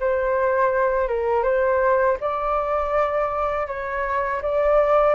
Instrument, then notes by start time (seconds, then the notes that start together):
flute
0.00 C5
1.07 A#4
1.43 C5
2.20 D5
3.67 C#5
4.42 D5